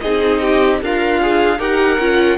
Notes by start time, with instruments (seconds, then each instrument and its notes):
0.00 cello C4, viola D#4, violin G#4 D#5
0.41 violin G4
0.81 cello D4, violin F4 F5, viola A#4
1.21 viola G#4
1.58 cello D#4, viola G4, violin A#4 F#5
1.98 cello C#4, viola F4